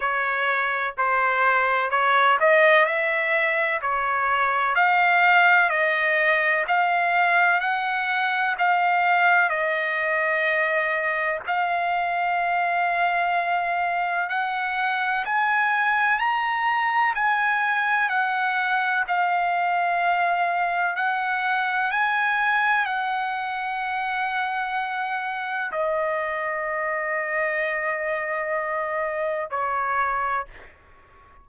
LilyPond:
\new Staff \with { instrumentName = "trumpet" } { \time 4/4 \tempo 4 = 63 cis''4 c''4 cis''8 dis''8 e''4 | cis''4 f''4 dis''4 f''4 | fis''4 f''4 dis''2 | f''2. fis''4 |
gis''4 ais''4 gis''4 fis''4 | f''2 fis''4 gis''4 | fis''2. dis''4~ | dis''2. cis''4 | }